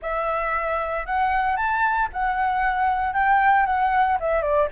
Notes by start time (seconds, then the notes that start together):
0.01 E5
1.06 F#5
1.56 A5
2.12 F#5
3.13 G5
3.65 F#5
4.20 E5
4.41 D5